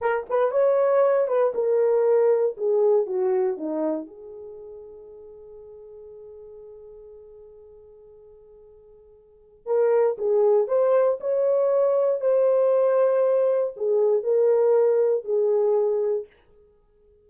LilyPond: \new Staff \with { instrumentName = "horn" } { \time 4/4 \tempo 4 = 118 ais'8 b'8 cis''4. b'8 ais'4~ | ais'4 gis'4 fis'4 dis'4 | gis'1~ | gis'1~ |
gis'2. ais'4 | gis'4 c''4 cis''2 | c''2. gis'4 | ais'2 gis'2 | }